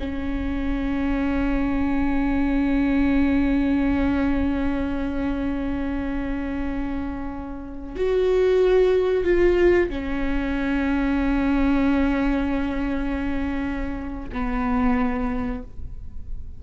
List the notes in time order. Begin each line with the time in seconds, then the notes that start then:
0.00 C#4
7.97 F#4
9.25 F4
9.90 C#4
14.33 B3